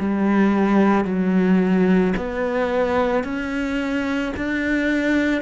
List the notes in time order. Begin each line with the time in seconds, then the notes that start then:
0.00 G3
1.05 F#3
2.17 B3
3.24 C#4
4.37 D4